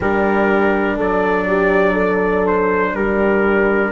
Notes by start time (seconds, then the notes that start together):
0.00 G3 D4 G4 A#4
0.96 F#3 A4 D5
1.48 G4
1.92 A4
2.46 C5
2.94 G3 G4 A#4